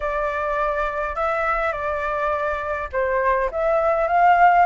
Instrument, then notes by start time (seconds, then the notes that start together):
flute
0.00 D5
1.15 E5
1.72 D5
2.92 C5
3.51 E5
4.07 F5